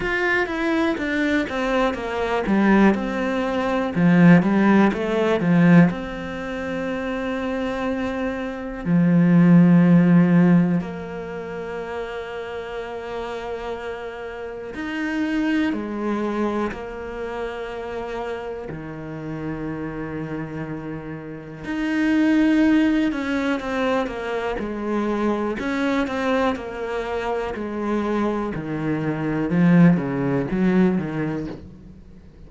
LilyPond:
\new Staff \with { instrumentName = "cello" } { \time 4/4 \tempo 4 = 61 f'8 e'8 d'8 c'8 ais8 g8 c'4 | f8 g8 a8 f8 c'2~ | c'4 f2 ais4~ | ais2. dis'4 |
gis4 ais2 dis4~ | dis2 dis'4. cis'8 | c'8 ais8 gis4 cis'8 c'8 ais4 | gis4 dis4 f8 cis8 fis8 dis8 | }